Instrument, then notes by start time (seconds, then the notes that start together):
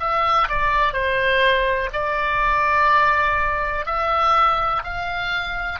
oboe
0.00 E5
0.48 D5
0.93 C5
1.93 D5
3.86 E5
4.84 F5